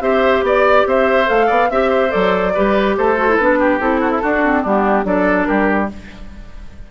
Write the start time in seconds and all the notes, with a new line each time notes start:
0.00 C4 G4 C5 E5
0.42 B3 D5
0.86 C4 C5 E5
1.26 A3 A4 F5
1.47 B3 D5
1.70 C4 G4 E5
1.90 C5
2.09 F#3 A4 D5
2.54 G3 G4 B4
2.97 A3 A4 C5
3.17 F#4
3.29 E4
3.36 B3 D4 B4
3.59 G4
3.80 C4 E4 A4
4.00 F#4
4.10 E4
4.22 D4 F#4
4.44 C4
4.62 G3 B3 D4 G4
5.04 F#3 D4 A4 D5
5.45 G3 G4 A#4